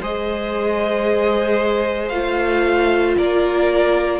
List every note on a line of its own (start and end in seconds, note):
0.00 2.10 G#3
0.00 2.12 G#4
0.00 3.16 C5
0.00 2.08 D#5
2.08 3.16 A3
2.08 4.19 F4
2.08 3.14 F5
3.17 4.19 A#3
3.17 4.19 A#4
3.17 4.19 D5